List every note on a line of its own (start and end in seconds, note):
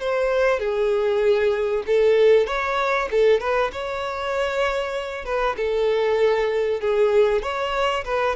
0.00 0.60 C5
0.60 1.84 G#4
1.87 2.47 A4
2.47 3.09 C#5
3.11 3.40 A4
3.40 3.71 B4
3.73 5.25 C#5
5.25 5.56 B4
5.57 6.81 A4
6.81 7.43 G#4
7.43 8.04 C#5
8.05 8.36 B4